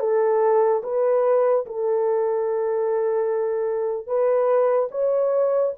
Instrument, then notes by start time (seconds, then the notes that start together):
horn
0.00 A4
0.84 B4
1.66 A4
4.07 B4
4.91 C#5